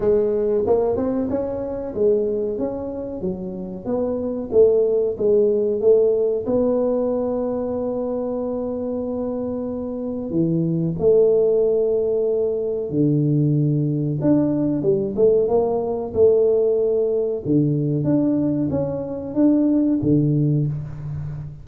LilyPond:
\new Staff \with { instrumentName = "tuba" } { \time 4/4 \tempo 4 = 93 gis4 ais8 c'8 cis'4 gis4 | cis'4 fis4 b4 a4 | gis4 a4 b2~ | b1 |
e4 a2. | d2 d'4 g8 a8 | ais4 a2 d4 | d'4 cis'4 d'4 d4 | }